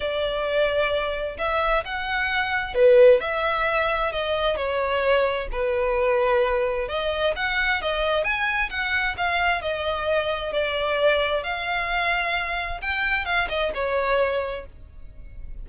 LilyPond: \new Staff \with { instrumentName = "violin" } { \time 4/4 \tempo 4 = 131 d''2. e''4 | fis''2 b'4 e''4~ | e''4 dis''4 cis''2 | b'2. dis''4 |
fis''4 dis''4 gis''4 fis''4 | f''4 dis''2 d''4~ | d''4 f''2. | g''4 f''8 dis''8 cis''2 | }